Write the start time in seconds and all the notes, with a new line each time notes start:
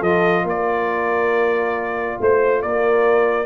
0.00 F3 F4 A4 D#5
0.44 A#3 A#4 D5
2.21 A3 C5
2.62 A#3 A#4 D5